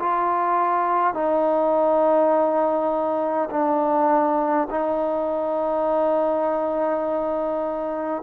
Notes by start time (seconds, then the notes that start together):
0.00 F4
1.14 D#4
3.51 D4
4.71 D#4